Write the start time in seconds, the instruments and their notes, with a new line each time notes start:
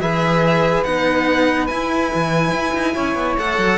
0.00 cello E3 G#4, saxophone B4, violin E5
0.84 cello B3 D#4, violin F#5
1.67 cello E4, violin G#5
2.14 cello E3
2.52 cello E4
2.74 cello D#4
2.94 cello C#4, saxophone C#5
3.15 cello B3
3.38 cello A3 A4, violin F#5
3.58 cello F#3